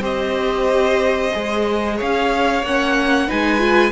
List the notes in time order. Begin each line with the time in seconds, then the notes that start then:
0.00 C4 G4 C5 D#5
1.33 G#3 G#4
1.97 C#4 C#5 F5
2.63 A#3 C#4 F#5
3.27 G#3 D#4 B4 G#5
3.59 F4